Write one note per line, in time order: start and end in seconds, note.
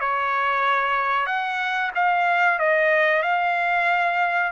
0.00 1.26 C#5
1.26 1.91 F#5
1.95 2.59 F5
2.59 3.23 D#5
3.23 4.52 F5